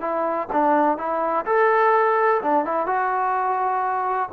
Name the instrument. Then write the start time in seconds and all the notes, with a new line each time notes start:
trombone
0.00 E4
0.52 D4
0.97 E4
1.45 A4
2.42 D4
2.65 E4
2.86 F#4